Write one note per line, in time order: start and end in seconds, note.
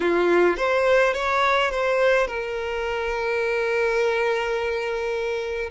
0.00 0.57 F4
0.57 1.13 C5
1.13 1.70 C#5
1.70 2.27 C5
2.27 5.70 A#4